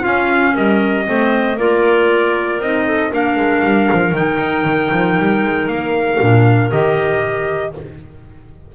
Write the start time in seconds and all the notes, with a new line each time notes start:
0.00 C#4 F4 F5
0.53 G3 A#4 D#5
1.05 A3 C4 C5
1.57 A#3 F4 A#4 D5
2.59 C4 D#4 D#5
2.86 A4
3.11 A#3 D4 A#4 F5
3.36 G#3
3.64 G3
3.92 F3
4.12 D#3 D#4 G5
4.39 D#4
4.64 D#3
4.92 F3
5.19 G3
5.43 G#3
5.67 A#3 F5
6.20 A#2 D4
6.71 D#3 G4 D#5